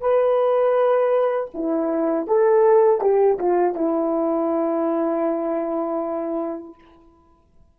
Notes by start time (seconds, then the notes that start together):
0.00 B4
1.53 E4
2.27 A4
3.01 G4
3.39 F4
3.74 E4